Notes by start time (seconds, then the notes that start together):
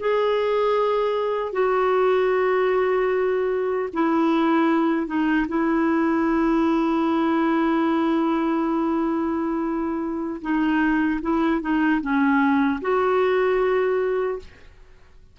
0.00 G#4
1.53 F#4
3.93 E4
5.07 D#4
5.48 E4
10.42 D#4
11.22 E4
11.61 D#4
12.01 C#4
12.81 F#4